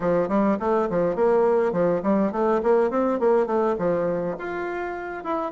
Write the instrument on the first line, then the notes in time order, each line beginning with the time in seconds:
bassoon
0.00 F3
0.28 G3
0.59 A3
0.90 F3
1.15 A#3
1.72 F3
2.02 G3
2.31 A3
2.62 A#3
2.90 C4
3.19 A#3
3.46 A3
3.78 F3
4.38 F4
5.23 E4